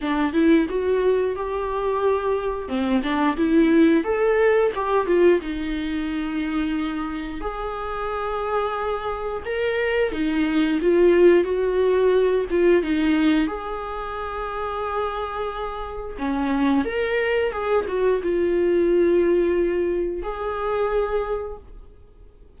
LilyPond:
\new Staff \with { instrumentName = "viola" } { \time 4/4 \tempo 4 = 89 d'8 e'8 fis'4 g'2 | c'8 d'8 e'4 a'4 g'8 f'8 | dis'2. gis'4~ | gis'2 ais'4 dis'4 |
f'4 fis'4. f'8 dis'4 | gis'1 | cis'4 ais'4 gis'8 fis'8 f'4~ | f'2 gis'2 | }